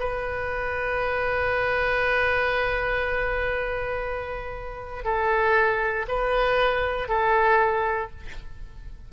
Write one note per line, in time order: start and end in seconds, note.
0.00 5.05 B4
5.05 6.06 A4
6.09 7.09 B4
7.09 8.11 A4